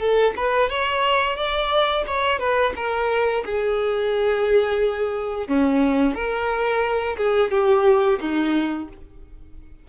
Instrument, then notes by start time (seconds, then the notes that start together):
violin
0.00 A4
0.37 B4
0.70 C#5
1.37 D5
2.07 C#5
2.40 B4
2.76 A#4
3.46 G#4
5.48 C#4
6.15 A#4
7.17 G#4
7.51 G4
8.21 D#4